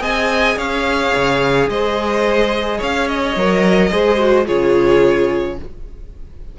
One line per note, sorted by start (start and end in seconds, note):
0.00 0.57 C4
0.00 3.33 G#4
0.00 0.58 D#5
0.00 0.58 G#5
0.57 1.13 C#4
0.57 1.69 C#5
0.57 1.70 F5
1.15 1.69 C#3
1.69 2.80 G#3
1.69 2.79 C5
1.69 2.81 D#5
2.79 3.36 C#4
2.79 3.90 C#5
2.79 3.08 F5
3.08 4.47 D#5
3.36 3.92 F#3
3.36 3.91 A#4
3.91 4.48 G#3
3.91 4.18 G#4
3.91 4.47 C5
4.18 4.46 F#4
4.46 5.60 C#3
4.46 5.58 F4
4.46 5.58 G#4
4.46 5.59 C#5